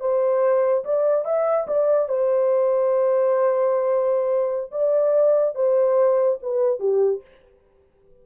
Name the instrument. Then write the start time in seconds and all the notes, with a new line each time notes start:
horn
0.00 C5
0.84 D5
1.25 E5
1.67 D5
2.08 C5
4.71 D5
5.55 C5
6.42 B4
6.79 G4